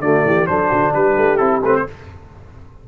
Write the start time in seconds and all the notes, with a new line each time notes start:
0.00 D3 A3 F#4 D5
0.25 E3 G4
0.47 F#3 D4 A4 C5
0.69 D3 F#4
0.93 G3 G4 B4
1.17 A3
1.37 C4 E4 A4
1.62 A3 C4 B4
1.76 C5